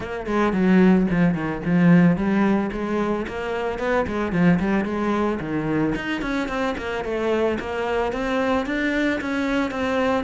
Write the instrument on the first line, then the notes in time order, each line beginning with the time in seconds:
cello
0.00 A#3
0.26 G#3
0.52 F#3
1.10 F3
1.34 D#3
1.65 F3
2.16 G3
2.72 G#3
3.27 A#3
3.78 B3
4.07 G#3
4.32 F3
4.59 G3
4.85 G#3
5.40 D#3
5.95 D#4
6.21 C#4
6.48 C4
6.77 A#3
7.04 A3
7.59 A#3
8.12 C4
8.66 D4
9.20 C#4
9.70 C4